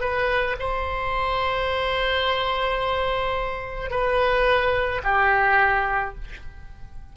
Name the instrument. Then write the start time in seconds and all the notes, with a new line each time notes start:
oboe
0.00 B4
0.59 C5
3.90 B4
5.03 G4